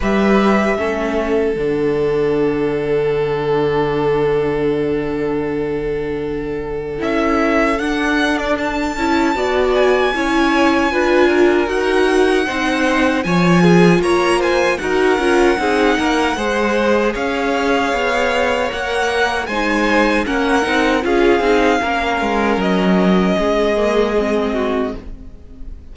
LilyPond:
<<
  \new Staff \with { instrumentName = "violin" } { \time 4/4 \tempo 4 = 77 e''2 fis''2~ | fis''1~ | fis''4 e''4 fis''8. d''16 a''4~ | a''8 gis''2~ gis''8 fis''4~ |
fis''4 gis''4 ais''8 gis''8 fis''4~ | fis''2 f''2 | fis''4 gis''4 fis''4 f''4~ | f''4 dis''2. | }
  \new Staff \with { instrumentName = "violin" } { \time 4/4 b'4 a'2.~ | a'1~ | a'1 | d''4 cis''4 b'8 ais'4. |
c''4 cis''8 gis'8 cis''8 c''8 ais'4 | gis'8 ais'8 c''4 cis''2~ | cis''4 c''4 ais'4 gis'4 | ais'2 gis'4. fis'8 | }
  \new Staff \with { instrumentName = "viola" } { \time 4/4 g'4 cis'4 d'2~ | d'1~ | d'4 e'4 d'4. e'8 | fis'4 e'4 f'4 fis'4 |
dis'4 f'2 fis'8 f'8 | dis'4 gis'2. | ais'4 dis'4 cis'8 dis'8 f'8 dis'8 | cis'2~ cis'8 ais8 c'4 | }
  \new Staff \with { instrumentName = "cello" } { \time 4/4 g4 a4 d2~ | d1~ | d4 cis'4 d'4. cis'8 | b4 cis'4 d'4 dis'4 |
c'4 f4 ais4 dis'8 cis'8 | c'8 ais8 gis4 cis'4 b4 | ais4 gis4 ais8 c'8 cis'8 c'8 | ais8 gis8 fis4 gis2 | }
>>